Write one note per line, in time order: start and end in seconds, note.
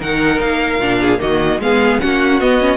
0.00 0.42 D#3
0.00 0.81 D#4
0.00 1.00 A#4
0.00 0.41 F#5
0.41 0.80 A#3
0.41 1.21 F5
0.80 1.20 A#2
0.80 1.19 D4
1.01 1.21 G#4
1.19 1.60 D#3
1.19 1.59 A#3
1.19 1.61 F#4
1.19 1.62 D#5
1.60 2.00 G#3
1.60 2.01 B3
1.60 2.04 G#4
1.60 2.01 F5
2.01 2.41 A#3
2.01 2.41 C#4
2.01 2.77 F#4
2.01 2.41 F#5
2.41 2.60 B3
2.41 2.77 B3
2.41 2.77 D#5
2.60 2.77 C#4